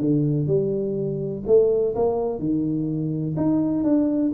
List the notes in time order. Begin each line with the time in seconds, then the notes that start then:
0.00 D3
0.47 G3
1.46 A3
1.95 A#3
2.39 D#3
3.36 D#4
3.84 D4